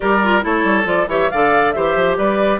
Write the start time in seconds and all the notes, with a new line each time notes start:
0.00 G3 G4 A#4 D5
0.23 F4
0.41 A3 E4 A4 C#5
0.64 G3
0.84 F3 F4 D5
1.07 E3 G4 C#5 E5
1.30 D3 A4 D5 F5
1.72 E3 G4 C5 E5
1.95 F3
2.17 G3 B4 D5